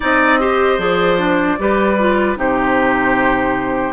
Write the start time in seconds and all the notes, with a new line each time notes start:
0.00 C4 D#4 D5 D#5
0.39 G4 C5
0.78 F3 G#4 D5
1.18 D4
1.58 G3 G4 B4
1.99 F4
2.36 C3 D#4 G4 C5